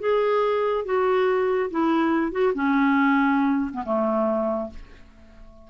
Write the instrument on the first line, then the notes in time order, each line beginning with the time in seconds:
clarinet
0.00 G#4
0.85 F#4
1.71 E4
2.32 F#4
2.55 C#4
3.73 B3
3.85 A3